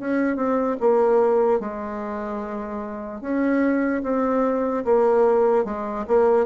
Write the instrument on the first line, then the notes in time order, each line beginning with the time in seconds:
bassoon
0.00 C#4
0.36 C4
0.81 A#3
1.60 G#3
3.21 C#4
4.04 C4
4.85 A#3
5.65 G#3
6.08 A#3